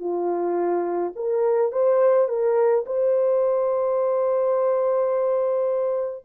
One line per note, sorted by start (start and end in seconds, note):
0.00 1.13 F4
1.16 1.73 A#4
1.73 2.29 C5
2.29 2.86 A#4
2.87 6.25 C5